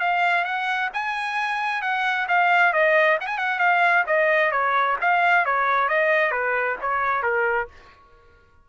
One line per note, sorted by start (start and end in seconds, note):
0.00 0.45 F5
0.45 0.90 F#5
0.94 1.82 G#5
1.82 2.27 F#5
2.28 2.73 F5
2.73 3.18 D#5
3.21 3.27 F#5
3.21 3.38 G#5
3.38 3.59 F#5
3.59 4.04 F5
4.07 4.52 D#5
4.52 4.97 C#5
5.01 5.45 F5
5.45 5.89 C#5
5.89 6.32 D#5
6.32 6.77 B4
6.81 7.23 C#5
7.23 7.68 A#4